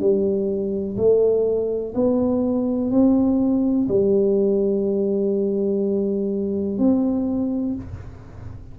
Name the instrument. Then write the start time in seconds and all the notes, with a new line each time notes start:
tuba
0.00 G3
0.97 A3
1.95 B3
2.91 C4
3.89 G3
6.79 C4